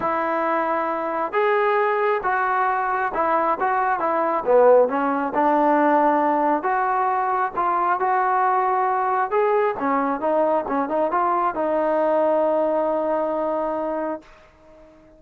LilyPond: \new Staff \with { instrumentName = "trombone" } { \time 4/4 \tempo 4 = 135 e'2. gis'4~ | gis'4 fis'2 e'4 | fis'4 e'4 b4 cis'4 | d'2. fis'4~ |
fis'4 f'4 fis'2~ | fis'4 gis'4 cis'4 dis'4 | cis'8 dis'8 f'4 dis'2~ | dis'1 | }